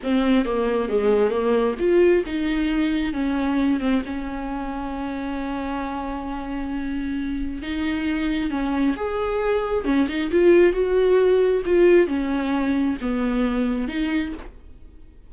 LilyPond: \new Staff \with { instrumentName = "viola" } { \time 4/4 \tempo 4 = 134 c'4 ais4 gis4 ais4 | f'4 dis'2 cis'4~ | cis'8 c'8 cis'2.~ | cis'1~ |
cis'4 dis'2 cis'4 | gis'2 cis'8 dis'8 f'4 | fis'2 f'4 cis'4~ | cis'4 b2 dis'4 | }